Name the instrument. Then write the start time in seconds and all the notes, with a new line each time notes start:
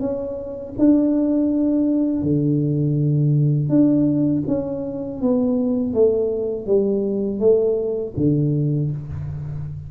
tuba
0.00 C#4
0.78 D4
2.23 D3
3.69 D4
4.47 C#4
5.21 B3
5.94 A3
6.67 G3
7.40 A3
8.17 D3